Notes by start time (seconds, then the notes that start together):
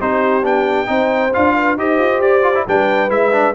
0.00 C4 D#4 G4 C5
0.42 B3 D4 G5
0.86 C4 D#4 C5
1.33 D4 F4 F5
1.55 B4
1.76 D#4 G4 C5 D#5
1.98 F4
2.19 G4 D5
2.42 F4
2.54 E4
2.66 G3 D4 B4 G5
3.09 G#3 E4 E5
3.32 D4